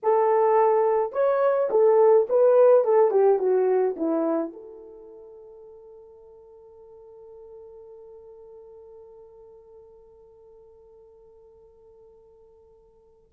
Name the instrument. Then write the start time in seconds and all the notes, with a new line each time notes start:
horn
0.03 A4
1.12 C#5
1.70 A4
2.29 B4
2.84 A4
3.11 G4
3.39 F#4
3.96 E4
4.52 A4